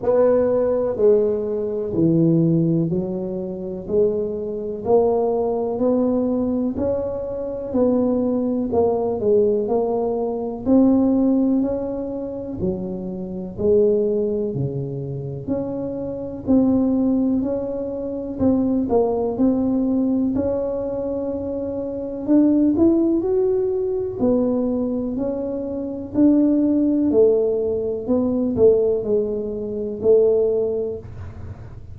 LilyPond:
\new Staff \with { instrumentName = "tuba" } { \time 4/4 \tempo 4 = 62 b4 gis4 e4 fis4 | gis4 ais4 b4 cis'4 | b4 ais8 gis8 ais4 c'4 | cis'4 fis4 gis4 cis4 |
cis'4 c'4 cis'4 c'8 ais8 | c'4 cis'2 d'8 e'8 | fis'4 b4 cis'4 d'4 | a4 b8 a8 gis4 a4 | }